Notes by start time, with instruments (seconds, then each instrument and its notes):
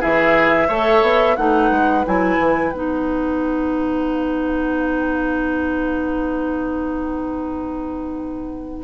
0.00 bassoon E3, clarinet E4, oboe G#4, flute E5
0.68 bassoon A3, clarinet A4, oboe C#5
1.01 bassoon B3
1.36 bassoon A3, clarinet D#4, oboe B4, flute F#5
1.71 bassoon G#3
2.05 bassoon F#3, clarinet E4, flute G#5
2.38 bassoon E3
2.72 bassoon B3, clarinet D#4, flute F#5